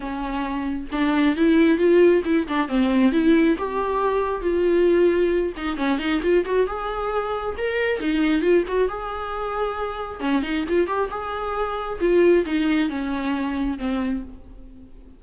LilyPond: \new Staff \with { instrumentName = "viola" } { \time 4/4 \tempo 4 = 135 cis'2 d'4 e'4 | f'4 e'8 d'8 c'4 e'4 | g'2 f'2~ | f'8 dis'8 cis'8 dis'8 f'8 fis'8 gis'4~ |
gis'4 ais'4 dis'4 f'8 fis'8 | gis'2. cis'8 dis'8 | f'8 g'8 gis'2 f'4 | dis'4 cis'2 c'4 | }